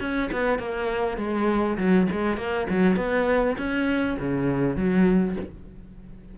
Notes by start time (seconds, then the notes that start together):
0.00 C#4
0.32 B3
0.59 A#3
1.18 G#3
1.78 F#3
2.12 G#3
2.37 A#3
2.70 F#3
2.97 B3
3.58 C#4
4.19 C#3
4.76 F#3